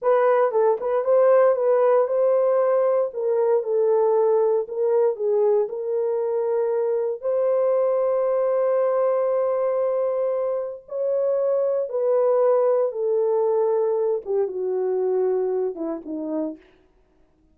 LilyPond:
\new Staff \with { instrumentName = "horn" } { \time 4/4 \tempo 4 = 116 b'4 a'8 b'8 c''4 b'4 | c''2 ais'4 a'4~ | a'4 ais'4 gis'4 ais'4~ | ais'2 c''2~ |
c''1~ | c''4 cis''2 b'4~ | b'4 a'2~ a'8 g'8 | fis'2~ fis'8 e'8 dis'4 | }